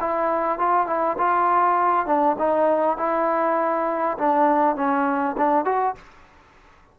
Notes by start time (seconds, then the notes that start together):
0.00 E4
0.58 F4
0.87 E4
1.18 F4
2.06 D4
2.38 D#4
2.97 E4
4.18 D4
4.76 C#4
5.37 D4
5.65 F#4